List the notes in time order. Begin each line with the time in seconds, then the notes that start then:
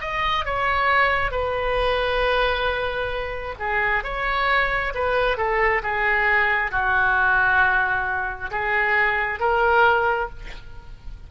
0.00 D#5
0.45 C#5
1.31 B4
3.59 G#4
4.03 C#5
4.94 B4
5.37 A4
5.82 G#4
6.71 F#4
8.51 G#4
9.39 A#4